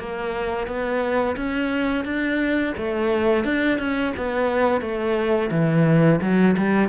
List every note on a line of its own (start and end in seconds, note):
0.00 0.67 A#3
0.67 1.36 B3
1.37 2.05 C#4
2.05 2.74 D4
2.77 3.45 A3
3.45 3.79 D4
3.79 4.13 C#4
4.17 4.82 B3
4.82 5.50 A3
5.51 6.20 E3
6.22 6.56 F#3
6.57 6.89 G3